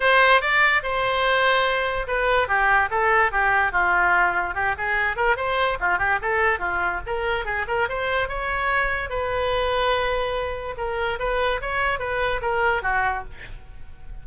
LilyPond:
\new Staff \with { instrumentName = "oboe" } { \time 4/4 \tempo 4 = 145 c''4 d''4 c''2~ | c''4 b'4 g'4 a'4 | g'4 f'2 g'8 gis'8~ | gis'8 ais'8 c''4 f'8 g'8 a'4 |
f'4 ais'4 gis'8 ais'8 c''4 | cis''2 b'2~ | b'2 ais'4 b'4 | cis''4 b'4 ais'4 fis'4 | }